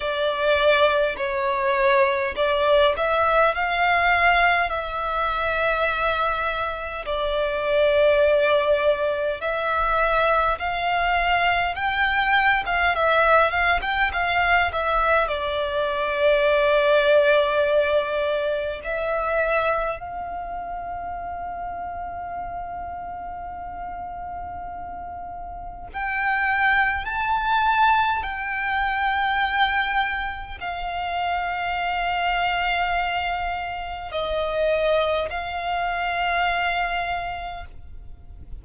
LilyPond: \new Staff \with { instrumentName = "violin" } { \time 4/4 \tempo 4 = 51 d''4 cis''4 d''8 e''8 f''4 | e''2 d''2 | e''4 f''4 g''8. f''16 e''8 f''16 g''16 | f''8 e''8 d''2. |
e''4 f''2.~ | f''2 g''4 a''4 | g''2 f''2~ | f''4 dis''4 f''2 | }